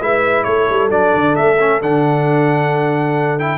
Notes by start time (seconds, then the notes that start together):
0.00 G#3 E4 B4 E5
0.43 A3 A4 C#5
0.69 G3
0.90 F#3 D4 D5
1.14 D3
1.35 A3 E5
1.59 C#4
1.81 D3 D4 F#5
3.39 E4 G5